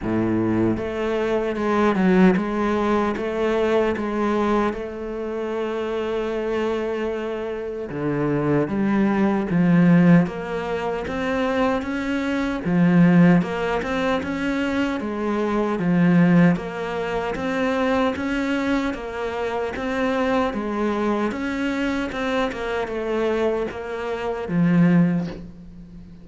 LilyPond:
\new Staff \with { instrumentName = "cello" } { \time 4/4 \tempo 4 = 76 a,4 a4 gis8 fis8 gis4 | a4 gis4 a2~ | a2 d4 g4 | f4 ais4 c'4 cis'4 |
f4 ais8 c'8 cis'4 gis4 | f4 ais4 c'4 cis'4 | ais4 c'4 gis4 cis'4 | c'8 ais8 a4 ais4 f4 | }